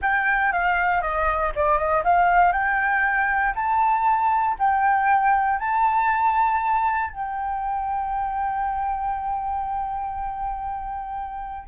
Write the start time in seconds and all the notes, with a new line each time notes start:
0.01 G5
0.52 F5
1.01 D#5
1.55 D5
1.78 D#5
2.04 F5
2.52 G5
3.55 A5
4.58 G5
5.59 A5
7.10 G5